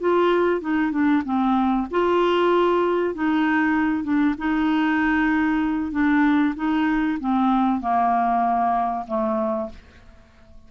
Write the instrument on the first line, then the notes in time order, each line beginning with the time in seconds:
clarinet
0.00 F4
0.61 D#4
0.92 D4
1.25 C4
1.91 F4
3.14 D#4
4.04 D4
4.38 D#4
5.92 D4
6.56 D#4
7.20 C4
7.81 A#3
9.07 A3